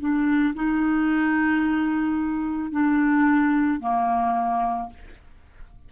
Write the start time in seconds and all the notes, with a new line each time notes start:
0.00 D4
0.55 D#4
2.72 D4
3.80 A#3